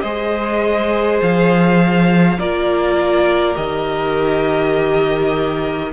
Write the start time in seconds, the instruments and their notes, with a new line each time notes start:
0.00 cello G#3, viola G#4, violin C5 D#5
1.22 cello F3, violin F5
2.38 cello A#3, viola F4, violin A#4 D5
3.55 cello D#3, viola G4, violin D#5